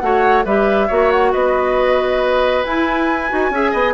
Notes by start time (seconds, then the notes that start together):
0.00 A3 F#4 C#5 F#5
0.45 G3 G4 B4 E5
0.88 A#3 F#4 C#5
1.12 F#5
1.32 B3 B4 D#5
2.64 E4 G#5
3.29 D#4 F#4
3.50 C#4 G#4 E5
3.71 B3 D#5